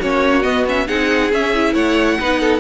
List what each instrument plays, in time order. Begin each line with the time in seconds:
0.00 cello A#3, viola C#4, violin F#4 C#5
0.43 viola B3, cello B3, violin D#5
0.68 viola C#4, violin E5
0.87 cello C4, viola D#4, violin G#4 F#5
1.32 cello C#4, viola C#4, violin E5
1.54 viola E4
1.74 cello A3, violin C#5 F#5
2.20 cello B3, viola D#4, violin B4
2.40 violin A4